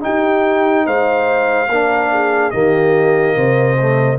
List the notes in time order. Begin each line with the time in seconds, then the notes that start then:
0.00 D#4 G4 G5
0.85 G#3 C5 F5
1.68 A#3 D4 A#4
2.11 G#4
2.50 D#3 A#3 G4 D#5
3.35 C3 C5
3.80 A3